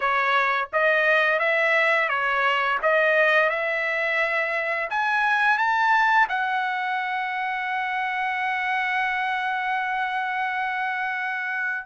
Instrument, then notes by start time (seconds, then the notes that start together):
trumpet
0.00 C#5
0.72 D#5
1.39 E5
2.08 C#5
2.82 D#5
3.49 E5
4.90 G#5
5.58 A5
6.28 F#5